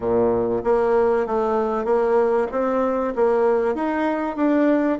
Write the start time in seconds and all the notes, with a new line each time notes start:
0.00 A#2
0.64 A#3
1.26 A3
1.84 A#3
2.51 C4
3.15 A#3
3.74 D#4
4.36 D4